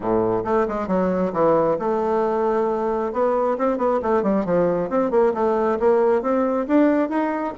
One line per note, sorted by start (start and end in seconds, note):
0.00 0.43 A2
0.44 0.66 A3
0.68 0.87 G#3
0.87 1.32 F#3
1.32 1.77 E3
1.79 3.12 A3
3.12 3.57 B3
3.58 3.77 C4
3.77 3.99 B3
4.02 4.22 A3
4.22 4.45 G3
4.45 4.89 F3
4.89 5.11 C4
5.11 5.33 A#3
5.34 5.78 A3
5.79 6.22 A#3
6.22 6.66 C4
6.67 7.09 D4
7.09 7.53 D#4